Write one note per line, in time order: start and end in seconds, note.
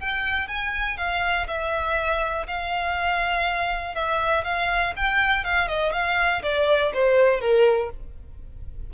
0.00 0.48 G5
0.48 0.97 G#5
0.97 1.47 F5
1.48 2.47 E5
2.47 3.95 F5
3.95 4.44 E5
4.44 4.94 F5
4.96 5.44 G5
5.44 5.68 F5
5.68 5.93 D#5
5.93 6.42 F5
6.43 6.92 D5
6.94 7.40 C5
7.40 7.90 A#4